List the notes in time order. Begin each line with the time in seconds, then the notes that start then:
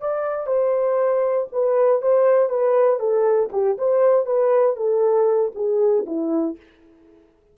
0.00 D5
0.46 C5
1.52 B4
2.02 C5
2.49 B4
2.99 A4
3.52 G4
3.78 C5
4.26 B4
4.76 A4
5.55 G#4
6.06 E4